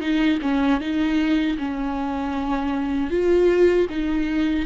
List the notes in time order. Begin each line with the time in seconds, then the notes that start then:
0.00 D#4
0.42 C#4
0.80 D#4
1.58 C#4
3.10 F4
3.90 D#4